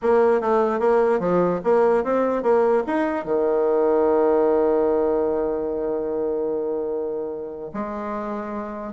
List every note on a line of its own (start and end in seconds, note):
0.02 0.41 A#3
0.41 0.79 A3
0.79 1.19 A#3
1.19 1.60 F3
1.63 2.03 A#3
2.03 2.42 C4
2.42 2.83 A#3
2.87 3.24 D#4
3.24 7.70 D#3
7.73 8.93 G#3